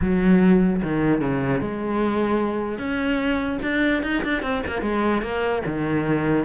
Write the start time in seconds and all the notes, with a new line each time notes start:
0.01 F#3
0.83 D#3
1.21 C#3
1.60 G#3
2.78 C#4
3.62 D4
4.03 D#4
4.23 D4
4.42 C4
4.66 A#3
4.81 G#3
5.22 A#3
5.66 D#3